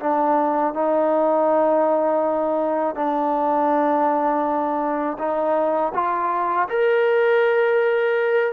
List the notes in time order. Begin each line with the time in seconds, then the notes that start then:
0.00 D4
0.74 D#4
2.95 D4
5.19 D#4
5.94 F4
6.69 A#4